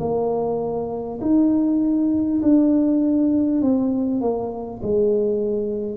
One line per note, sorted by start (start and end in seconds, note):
0.00 1.20 A#3
1.22 2.42 D#4
2.42 3.62 D4
3.62 4.21 C4
4.21 4.81 A#3
4.83 5.97 G#3